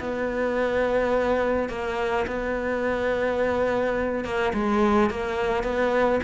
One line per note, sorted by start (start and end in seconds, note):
0.00 1.69 B3
1.69 2.26 A#3
2.27 4.25 B3
4.25 4.53 A#3
4.54 5.10 G#3
5.10 5.64 A#3
5.64 6.20 B3